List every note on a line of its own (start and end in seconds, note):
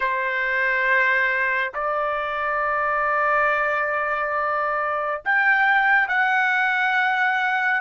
0.00 1.72 C5
1.74 5.22 D5
5.24 6.08 G5
6.08 7.81 F#5